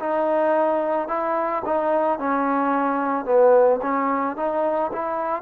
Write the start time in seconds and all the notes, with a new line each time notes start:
0.00 D#4
1.09 E4
1.66 D#4
2.19 C#4
3.26 B3
3.82 C#4
4.37 D#4
4.93 E4